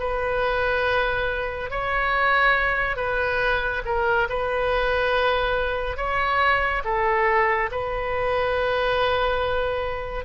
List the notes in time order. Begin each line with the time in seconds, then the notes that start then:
0.00 B4
1.71 C#5
2.97 B4
3.86 A#4
4.30 B4
5.97 C#5
6.85 A4
7.71 B4